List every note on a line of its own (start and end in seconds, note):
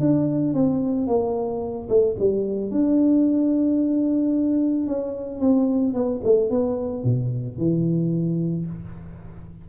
0.00 0.54 D4
0.54 1.07 C4
1.07 1.88 A#3
1.89 2.16 A3
2.19 2.71 G3
2.71 4.87 D4
4.87 5.40 C#4
5.40 5.94 C4
5.94 6.21 B3
6.24 6.50 A3
6.50 7.04 B3
7.04 7.58 B2
7.58 8.66 E3